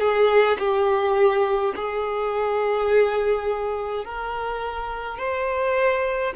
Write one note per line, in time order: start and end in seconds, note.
0.00 0.58 G#4
0.59 1.75 G4
1.76 4.05 G#4
4.05 5.19 A#4
5.19 6.34 C5